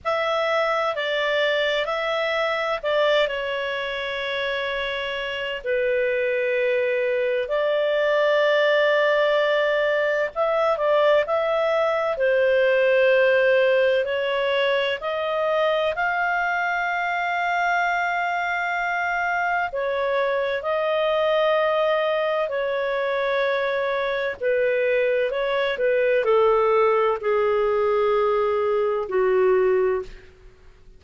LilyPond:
\new Staff \with { instrumentName = "clarinet" } { \time 4/4 \tempo 4 = 64 e''4 d''4 e''4 d''8 cis''8~ | cis''2 b'2 | d''2. e''8 d''8 | e''4 c''2 cis''4 |
dis''4 f''2.~ | f''4 cis''4 dis''2 | cis''2 b'4 cis''8 b'8 | a'4 gis'2 fis'4 | }